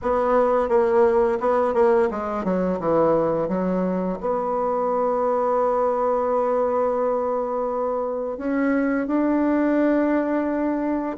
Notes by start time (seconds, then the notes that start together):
0.02 B3
0.68 A#3
1.40 B3
1.73 A#3
2.11 G#3
2.44 F#3
2.79 E3
3.48 F#3
4.20 B3
8.37 C#4
9.07 D4